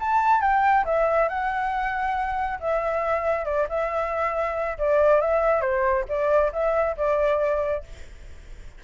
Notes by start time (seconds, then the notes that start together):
0.00 A5
0.41 G5
0.85 E5
1.29 F#5
2.60 E5
3.45 D5
3.69 E5
4.78 D5
5.21 E5
5.61 C5
6.09 D5
6.53 E5
6.97 D5